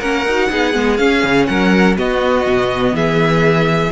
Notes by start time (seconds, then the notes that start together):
0.00 A#3 C#4 A#4 F#5
0.26 D#4 F#4
0.50 B3 D#4 G#4
0.74 G#3 B3
0.97 C#4 F5
1.24 C#3
1.47 F#3 A#4 F#5
1.97 B3 F#4 D#5
2.47 B2
2.93 E3 G#4 E5